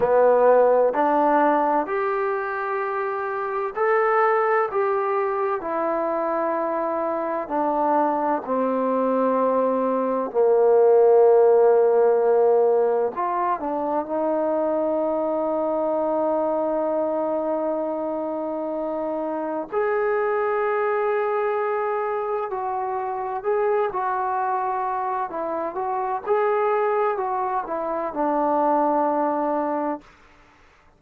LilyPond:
\new Staff \with { instrumentName = "trombone" } { \time 4/4 \tempo 4 = 64 b4 d'4 g'2 | a'4 g'4 e'2 | d'4 c'2 ais4~ | ais2 f'8 d'8 dis'4~ |
dis'1~ | dis'4 gis'2. | fis'4 gis'8 fis'4. e'8 fis'8 | gis'4 fis'8 e'8 d'2 | }